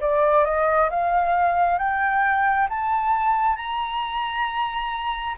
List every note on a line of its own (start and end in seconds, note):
0.00 0.45 D5
0.45 0.90 D#5
0.90 1.78 F5
1.78 2.68 G5
2.69 3.56 A5
3.56 5.35 A#5